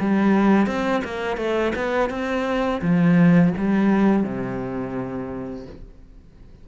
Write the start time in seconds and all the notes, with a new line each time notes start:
0.00 G3
0.67 C4
1.04 A#3
1.37 A3
1.76 B3
2.10 C4
2.82 F3
3.57 G3
4.23 C3